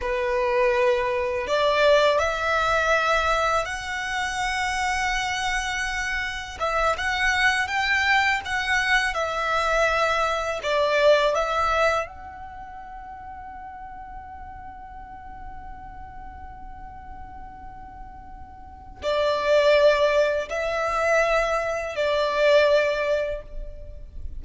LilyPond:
\new Staff \with { instrumentName = "violin" } { \time 4/4 \tempo 4 = 82 b'2 d''4 e''4~ | e''4 fis''2.~ | fis''4 e''8 fis''4 g''4 fis''8~ | fis''8 e''2 d''4 e''8~ |
e''8 fis''2.~ fis''8~ | fis''1~ | fis''2 d''2 | e''2 d''2 | }